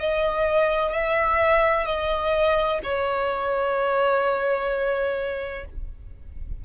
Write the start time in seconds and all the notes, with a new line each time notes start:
0.00 D#5
0.92 E5
1.86 D#5
2.83 C#5